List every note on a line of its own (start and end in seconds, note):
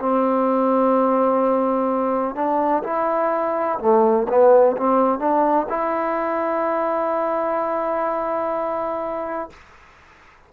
0.00 2.35 C4
2.35 2.83 D4
2.84 3.79 E4
3.80 4.27 A3
4.29 4.77 B3
4.77 5.19 C4
5.19 5.67 D4
5.69 9.50 E4